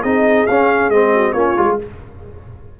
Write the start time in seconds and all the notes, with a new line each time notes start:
0.00 C4 D#4 G#4 D#5
0.46 C#4 F5
0.89 G#3 C4 D#5
1.13 F#4
1.32 A#3 C#4 F4 C#5
1.57 G#3 F4